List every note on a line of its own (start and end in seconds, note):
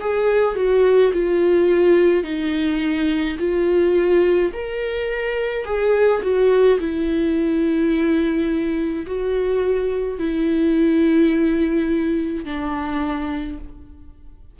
0.00 0.55 G#4
0.55 1.12 F#4
1.13 2.23 F4
2.23 3.37 D#4
3.39 4.52 F4
4.53 5.65 A#4
5.65 6.22 G#4
6.22 6.79 F#4
6.79 9.06 E4
9.06 10.18 F#4
10.18 12.45 E4
12.45 13.58 D4